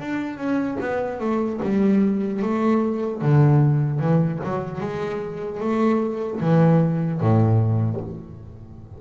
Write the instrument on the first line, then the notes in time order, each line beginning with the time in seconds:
double bass
0.00 D4
0.37 C#4
0.81 B3
1.20 A3
1.63 G3
2.43 A3
3.22 D3
4.00 E3
4.44 F#3
4.81 G#3
5.60 A3
6.41 E3
7.21 A2